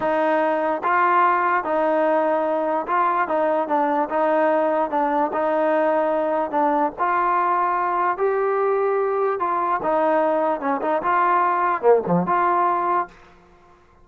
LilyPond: \new Staff \with { instrumentName = "trombone" } { \time 4/4 \tempo 4 = 147 dis'2 f'2 | dis'2. f'4 | dis'4 d'4 dis'2 | d'4 dis'2. |
d'4 f'2. | g'2. f'4 | dis'2 cis'8 dis'8 f'4~ | f'4 ais8 f8 f'2 | }